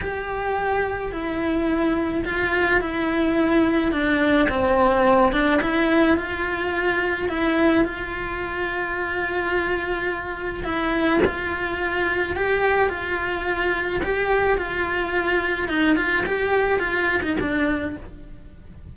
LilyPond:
\new Staff \with { instrumentName = "cello" } { \time 4/4 \tempo 4 = 107 g'2 e'2 | f'4 e'2 d'4 | c'4. d'8 e'4 f'4~ | f'4 e'4 f'2~ |
f'2. e'4 | f'2 g'4 f'4~ | f'4 g'4 f'2 | dis'8 f'8 g'4 f'8. dis'16 d'4 | }